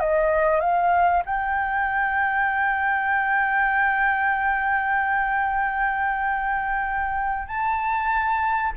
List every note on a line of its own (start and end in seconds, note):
0.00 0.61 D#5
0.61 1.23 F5
1.26 7.48 G5
7.48 8.73 A5